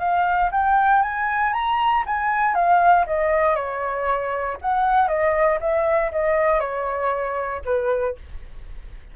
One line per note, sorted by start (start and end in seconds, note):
0.00 0.51 F5
0.52 1.02 G5
1.02 1.53 G#5
1.53 2.04 A#5
2.07 2.55 G#5
2.55 3.06 F5
3.07 3.56 D#5
3.56 4.58 C#5
4.62 5.08 F#5
5.08 5.59 D#5
5.61 6.12 E5
6.12 6.60 D#5
6.60 7.62 C#5
7.65 8.16 B4